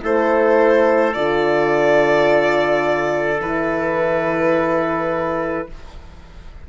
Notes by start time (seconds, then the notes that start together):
0.00 A3 E4 A4 C5
1.13 D3 F4 D5
3.40 E3 E4 B4